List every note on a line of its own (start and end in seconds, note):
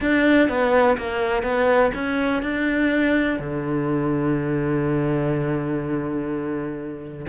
0.00 0.48 D4
0.48 0.97 B3
0.97 1.43 A#3
1.43 1.91 B3
1.94 2.42 C#4
2.42 3.39 D4
3.39 7.26 D3